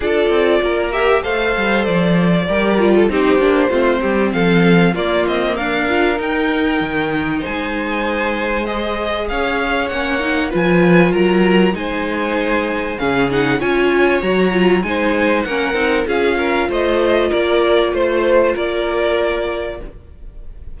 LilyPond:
<<
  \new Staff \with { instrumentName = "violin" } { \time 4/4 \tempo 4 = 97 d''4. e''8 f''4 d''4~ | d''4 c''2 f''4 | d''8 dis''8 f''4 g''2 | gis''2 dis''4 f''4 |
fis''4 gis''4 ais''4 gis''4~ | gis''4 f''8 fis''8 gis''4 ais''4 | gis''4 fis''4 f''4 dis''4 | d''4 c''4 d''2 | }
  \new Staff \with { instrumentName = "violin" } { \time 4/4 a'4 ais'4 c''2 | ais'8. a'16 g'4 f'8 g'8 a'4 | f'4 ais'2. | c''2. cis''4~ |
cis''4 b'4 ais'4 c''4~ | c''4 gis'4 cis''2 | c''4 ais'4 gis'8 ais'8 c''4 | ais'4 c''4 ais'2 | }
  \new Staff \with { instrumentName = "viola" } { \time 4/4 f'4. g'8 a'2 | g'8 f'8 dis'8 d'8 c'2 | ais4. f'8 dis'2~ | dis'2 gis'2 |
cis'8 dis'8 f'2 dis'4~ | dis'4 cis'8 dis'8 f'4 fis'8 f'8 | dis'4 cis'8 dis'8 f'2~ | f'1 | }
  \new Staff \with { instrumentName = "cello" } { \time 4/4 d'8 c'8 ais4 a8 g8 f4 | g4 c'8 ais8 a8 g8 f4 | ais8 c'8 d'4 dis'4 dis4 | gis2. cis'4 |
ais4 f4 fis4 gis4~ | gis4 cis4 cis'4 fis4 | gis4 ais8 c'8 cis'4 a4 | ais4 a4 ais2 | }
>>